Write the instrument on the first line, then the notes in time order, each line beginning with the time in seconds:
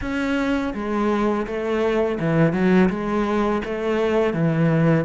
cello
0.01 C#4
0.74 G#3
1.46 A3
2.19 E3
2.53 F#3
2.89 G#3
3.64 A3
4.33 E3